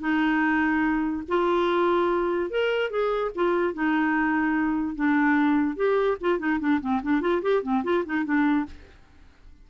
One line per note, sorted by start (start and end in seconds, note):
0.00 1.23 D#4
1.29 2.51 F4
2.51 2.91 A#4
2.91 3.32 G#4
3.36 3.74 F4
3.74 4.96 D#4
4.96 5.77 D4
5.77 6.18 G4
6.21 6.39 F4
6.39 6.60 D#4
6.60 6.81 D4
6.81 7.02 C4
7.03 7.22 D4
7.22 7.42 F4
7.43 7.63 G4
7.63 7.84 C4
7.84 8.05 F4
8.06 8.25 D#4
8.25 8.66 D4